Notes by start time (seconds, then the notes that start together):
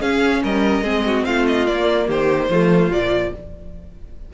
0.00 C#4 G#4 F5
0.43 G3 A#4 D#5
0.82 G#3 C4 G#4
1.06 F#4
1.25 A3 F4 F5
1.47 D#5
1.66 A#3 D5
2.07 D#3 G4 C5
2.49 F3 A3 F4
2.89 A#2 F3 D5